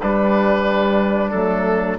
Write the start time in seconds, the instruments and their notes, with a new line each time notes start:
0.00 bassoon G3, horn G3, trumpet D4, oboe B4
1.30 bassoon F#3, horn A3, oboe A4